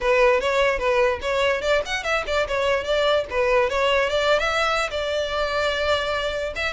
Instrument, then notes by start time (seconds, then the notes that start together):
violin
0.00 B4
0.40 C#5
0.79 B4
1.21 C#5
1.61 D5
1.85 F#5
2.03 E5
2.26 D5
2.47 C#5
2.84 D5
3.30 B4
3.69 C#5
4.09 D5
4.39 E5
4.90 D5
6.55 E5